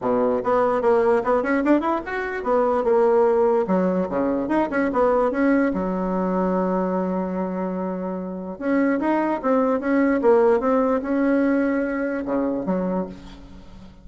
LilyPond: \new Staff \with { instrumentName = "bassoon" } { \time 4/4 \tempo 4 = 147 b,4 b4 ais4 b8 cis'8 | d'8 e'8 fis'4 b4 ais4~ | ais4 fis4 cis4 dis'8 cis'8 | b4 cis'4 fis2~ |
fis1~ | fis4 cis'4 dis'4 c'4 | cis'4 ais4 c'4 cis'4~ | cis'2 cis4 fis4 | }